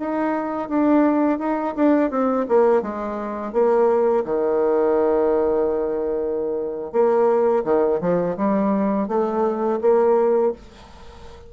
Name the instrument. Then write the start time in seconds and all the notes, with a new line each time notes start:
bassoon
0.00 D#4
0.69 D4
1.40 D#4
1.76 D4
2.11 C4
2.49 A#3
2.82 G#3
3.54 A#3
4.25 D#3
6.93 A#3
7.65 D#3
8.01 F3
8.37 G3
9.08 A3
9.82 A#3